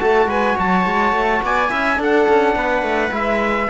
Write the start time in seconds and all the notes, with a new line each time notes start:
0.00 A3 F#4 A4 A5
0.26 G#3 B4 G#5
0.55 F#3 C#5 A5
0.86 G#3
1.12 A3
1.42 B3 D5 G#5
1.69 C#4 E4 E5
1.96 D4 A4
2.03 F#5
2.29 C#4
2.55 B3 B4
2.82 A3
3.11 G#3 E4 E5